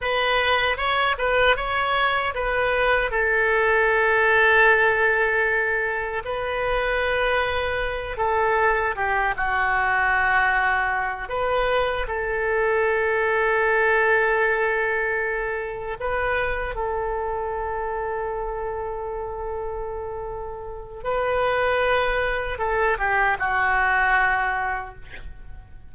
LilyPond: \new Staff \with { instrumentName = "oboe" } { \time 4/4 \tempo 4 = 77 b'4 cis''8 b'8 cis''4 b'4 | a'1 | b'2~ b'8 a'4 g'8 | fis'2~ fis'8 b'4 a'8~ |
a'1~ | a'8 b'4 a'2~ a'8~ | a'2. b'4~ | b'4 a'8 g'8 fis'2 | }